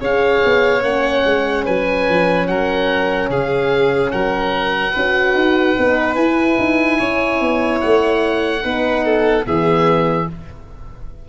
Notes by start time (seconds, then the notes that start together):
0.00 C#4 G#4 C#5 F5
0.45 B3
0.82 A#3 C#4 F#5
1.25 G#3
1.65 F#3 B4 G#5
2.09 F3
2.48 F#3 A#4 F#5
3.30 C#3 G#4 F5
4.11 F#3 A#4 F#5
4.92 C#4 F#4 B4
5.34 D#4
5.78 B3 D#4
6.15 E4 G#5
6.59 D#4
6.99 C#4 C#5
7.41 B3
7.81 A3 F#5
8.62 B3 D#4 B4
9.05 A4
9.45 E3 B3 G#4 E5